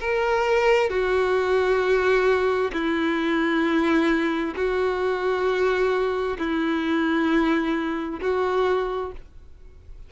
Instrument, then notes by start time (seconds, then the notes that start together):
violin
0.00 A#4
0.89 F#4
2.73 E4
4.56 F#4
6.38 E4
8.21 F#4